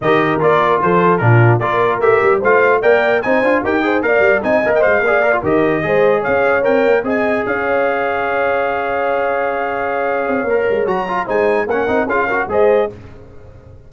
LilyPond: <<
  \new Staff \with { instrumentName = "trumpet" } { \time 4/4 \tempo 4 = 149 dis''4 d''4 c''4 ais'4 | d''4 e''4 f''4 g''4 | gis''4 g''4 f''4 gis''8. g''16 | f''4. dis''2 f''8~ |
f''8 g''4 gis''4 f''4.~ | f''1~ | f''2. ais''4 | gis''4 fis''4 f''4 dis''4 | }
  \new Staff \with { instrumentName = "horn" } { \time 4/4 ais'2 a'4 f'4 | ais'2 c''4 d''4 | c''4 ais'8 c''8 d''4 dis''4~ | dis''8 d''4 ais'4 c''4 cis''8~ |
cis''4. dis''4 cis''4.~ | cis''1~ | cis''1 | c''4 ais'4 gis'8 ais'8 c''4 | }
  \new Staff \with { instrumentName = "trombone" } { \time 4/4 g'4 f'2 d'4 | f'4 g'4 f'4 ais'4 | dis'8 f'8 g'8 gis'8 ais'4 dis'8 ais'8 | c''8 gis'8 ais'16 f'16 g'4 gis'4.~ |
gis'8 ais'4 gis'2~ gis'8~ | gis'1~ | gis'2 ais'4 fis'8 f'8 | dis'4 cis'8 dis'8 f'8 fis'8 gis'4 | }
  \new Staff \with { instrumentName = "tuba" } { \time 4/4 dis4 ais4 f4 ais,4 | ais4 a8 g8 a4 ais4 | c'8 d'8 dis'4 ais8 g8 c'8 ais8 | gis8 ais4 dis4 gis4 cis'8~ |
cis'8 c'8 ais8 c'4 cis'4.~ | cis'1~ | cis'4. c'8 ais8 gis8 fis4 | gis4 ais8 c'8 cis'4 gis4 | }
>>